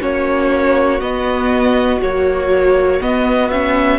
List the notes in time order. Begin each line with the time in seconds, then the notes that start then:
0.00 A#3 C#4 F#4 C#5
1.01 B3 D#5
2.01 F#3 A#3 C#5
3.01 B3 D#5
3.50 C#4 E5